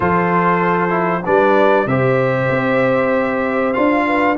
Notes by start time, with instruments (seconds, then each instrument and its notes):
0.00 tuba F3, trombone F4, horn A4, trumpet C5
0.89 trombone E4
1.24 tuba G3, trombone D4, horn B4, trumpet D5
1.86 tuba C3, trombone G4, horn C5, trumpet E5
2.50 tuba C4
3.73 tuba D4, trombone F4, trumpet F5
4.07 horn B4